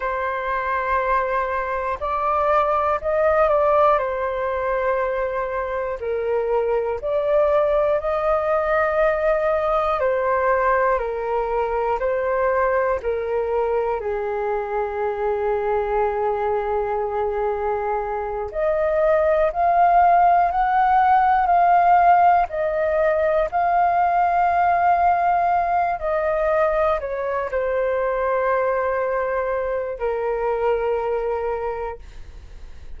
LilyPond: \new Staff \with { instrumentName = "flute" } { \time 4/4 \tempo 4 = 60 c''2 d''4 dis''8 d''8 | c''2 ais'4 d''4 | dis''2 c''4 ais'4 | c''4 ais'4 gis'2~ |
gis'2~ gis'8 dis''4 f''8~ | f''8 fis''4 f''4 dis''4 f''8~ | f''2 dis''4 cis''8 c''8~ | c''2 ais'2 | }